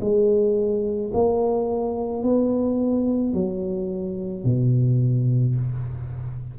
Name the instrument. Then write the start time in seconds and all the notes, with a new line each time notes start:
tuba
0.00 G#3
1.13 A#3
2.23 B3
3.33 F#3
4.44 B2